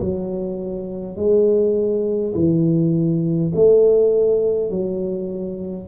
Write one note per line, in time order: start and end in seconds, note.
0.00 1.16 F#3
1.16 2.34 G#3
2.35 3.52 E3
3.55 4.70 A3
4.70 5.88 F#3